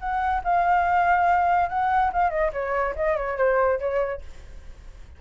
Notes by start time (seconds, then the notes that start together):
0.00 F#5
0.44 F5
1.70 F#5
2.13 F5
2.31 D#5
2.53 C#5
2.96 D#5
3.17 C#5
3.38 C5
3.80 C#5